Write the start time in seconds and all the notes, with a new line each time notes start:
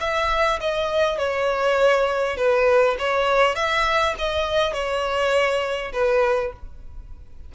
0.00 E5
0.60 D#5
1.18 C#5
2.37 B4
2.99 C#5
3.55 E5
4.18 D#5
4.73 C#5
5.93 B4